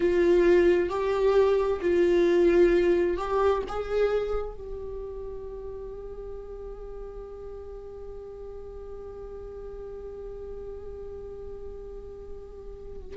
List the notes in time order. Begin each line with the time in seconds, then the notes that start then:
0.00 F4
0.89 G4
1.81 F4
3.17 G4
3.68 G#4
4.54 G4